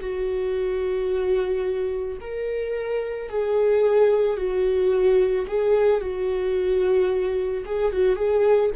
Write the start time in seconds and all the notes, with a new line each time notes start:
0.00 F#4
2.20 A#4
3.29 G#4
4.37 F#4
5.47 G#4
6.00 F#4
7.65 G#4
7.92 F#4
8.16 G#4